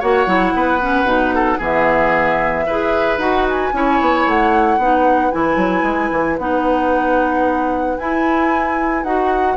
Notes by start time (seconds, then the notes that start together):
0.00 A#3 F#4 C#5 F#5
0.27 F#3 E4
0.55 B3 B4
0.81 C#4
1.04 B2 D#4
1.35 A4
1.59 E3 B3 G#4 E5
2.67 E4 G#4 B4
3.18 D#4 F#4 F#5
3.49 G#5
3.74 C#4 E4 C#5
4.01 B3
4.27 A3 F#5
4.78 B3 D#4 B4
5.32 E3 E4 G#5
5.57 F#3
5.83 G#3
6.12 E3
6.39 B3 D#4 F#5
7.98 E4 G#5
9.04 D#4 F#4 F#5